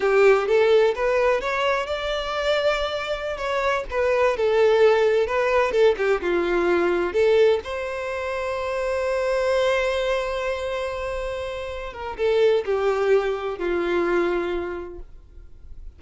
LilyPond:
\new Staff \with { instrumentName = "violin" } { \time 4/4 \tempo 4 = 128 g'4 a'4 b'4 cis''4 | d''2.~ d''16 cis''8.~ | cis''16 b'4 a'2 b'8.~ | b'16 a'8 g'8 f'2 a'8.~ |
a'16 c''2.~ c''8.~ | c''1~ | c''4. ais'8 a'4 g'4~ | g'4 f'2. | }